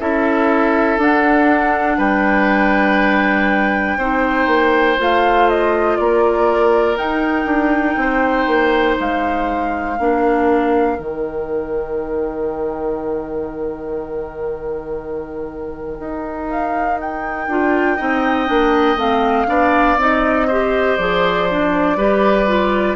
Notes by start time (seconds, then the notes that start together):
0.00 C#4 E4 A4 E5
0.98 D4 F#5
1.98 G3 B4 G5
3.98 C4 D#4 C5
4.47 A#3
4.98 A3 F4 F5
5.50 D#5
5.97 A#3 A#4 D5
6.97 D#4 G5
7.45 D4
7.97 C4 C5
8.47 A#3
9.00 G#3 F5
9.98 A#3 D4 A#4
10.97 D#3 D#4 G5
16.00 D#4
16.49 F5
17.00 G5
17.48 D4 F4
17.96 C4 D#4 D#5
18.46 A#3 D4
18.96 A3 C4 F5
19.47 B3 D4 D5
19.98 C4 D#4 D#5
20.48 G4 C5
20.97 F3 G#4 D5
21.50 D4
21.96 G3 G4 B4
22.47 F4